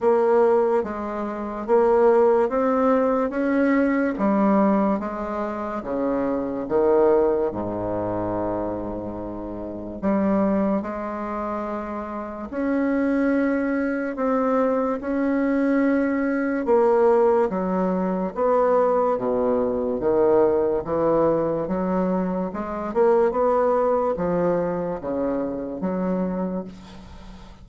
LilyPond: \new Staff \with { instrumentName = "bassoon" } { \time 4/4 \tempo 4 = 72 ais4 gis4 ais4 c'4 | cis'4 g4 gis4 cis4 | dis4 gis,2. | g4 gis2 cis'4~ |
cis'4 c'4 cis'2 | ais4 fis4 b4 b,4 | dis4 e4 fis4 gis8 ais8 | b4 f4 cis4 fis4 | }